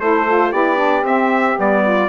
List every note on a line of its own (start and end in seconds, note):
0.00 0.53 A3
0.00 0.27 E4
0.00 0.49 A4
0.00 0.53 C5
0.27 0.54 F4
0.49 1.03 B3
0.49 0.76 E4
0.49 1.81 G4
0.49 1.05 D5
0.76 1.03 D4
1.03 1.56 C4
1.03 1.59 E5
1.56 2.09 G3
1.56 2.08 B3
1.56 2.09 D5
1.83 2.09 F4